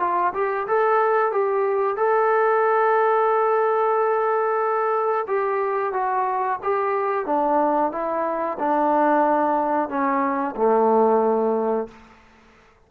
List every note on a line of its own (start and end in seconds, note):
0.00 0.33 F4
0.34 0.67 G4
0.68 1.32 A4
1.32 1.97 G4
1.97 5.26 A4
5.27 5.93 G4
5.93 6.59 F#4
6.63 7.26 G4
7.26 7.92 D4
7.92 8.58 E4
8.59 9.89 D4
9.89 10.55 C#4
10.56 11.88 A3